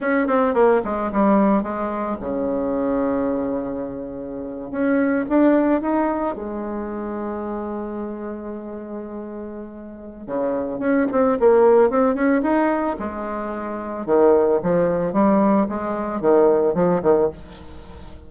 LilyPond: \new Staff \with { instrumentName = "bassoon" } { \time 4/4 \tempo 4 = 111 cis'8 c'8 ais8 gis8 g4 gis4 | cis1~ | cis8. cis'4 d'4 dis'4 gis16~ | gis1~ |
gis2. cis4 | cis'8 c'8 ais4 c'8 cis'8 dis'4 | gis2 dis4 f4 | g4 gis4 dis4 f8 dis8 | }